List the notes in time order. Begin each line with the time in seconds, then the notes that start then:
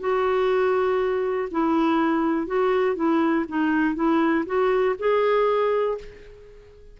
0.00 F#4
1.51 E4
2.47 F#4
2.96 E4
3.48 D#4
3.95 E4
4.46 F#4
4.99 G#4